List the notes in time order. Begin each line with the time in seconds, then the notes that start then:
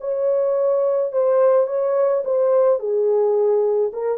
0.00 C#5
1.12 C5
1.67 C#5
2.25 C5
2.79 G#4
3.93 A#4